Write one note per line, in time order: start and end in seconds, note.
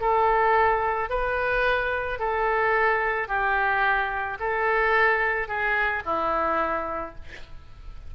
0.00 1.09 A4
1.09 2.19 B4
2.19 3.28 A4
3.28 4.38 G4
4.39 5.47 A4
5.47 6.03 G#4
6.05 7.15 E4